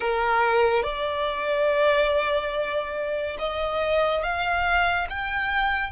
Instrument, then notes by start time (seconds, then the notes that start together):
violin
0.00 A#4
0.83 D5
3.38 D#5
4.23 F5
5.09 G5